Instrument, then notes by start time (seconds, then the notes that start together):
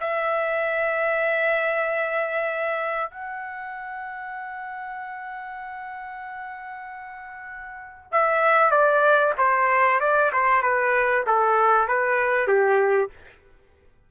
trumpet
0.00 E5
3.10 F#5
8.11 E5
8.71 D5
9.38 C5
10.00 D5
10.32 C5
10.62 B4
11.26 A4
11.88 B4
12.47 G4